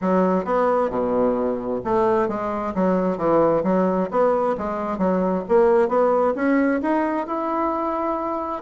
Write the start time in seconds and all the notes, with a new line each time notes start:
0.01 F#3
0.44 B3
0.90 B2
1.84 A3
2.28 G#3
2.74 F#3
3.17 E3
3.63 F#3
4.10 B3
4.57 G#3
4.98 F#3
5.48 A#3
5.88 B3
6.35 C#4
6.81 D#4
7.26 E4